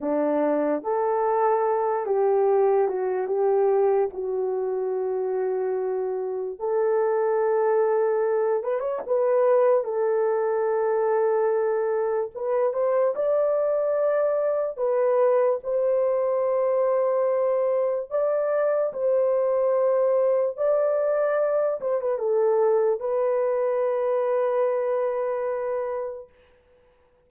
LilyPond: \new Staff \with { instrumentName = "horn" } { \time 4/4 \tempo 4 = 73 d'4 a'4. g'4 fis'8 | g'4 fis'2. | a'2~ a'8 b'16 cis''16 b'4 | a'2. b'8 c''8 |
d''2 b'4 c''4~ | c''2 d''4 c''4~ | c''4 d''4. c''16 b'16 a'4 | b'1 | }